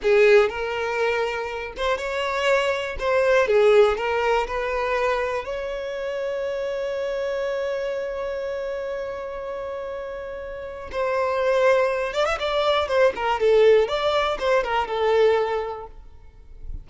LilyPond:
\new Staff \with { instrumentName = "violin" } { \time 4/4 \tempo 4 = 121 gis'4 ais'2~ ais'8 c''8 | cis''2 c''4 gis'4 | ais'4 b'2 cis''4~ | cis''1~ |
cis''1~ | cis''2 c''2~ | c''8 d''16 e''16 d''4 c''8 ais'8 a'4 | d''4 c''8 ais'8 a'2 | }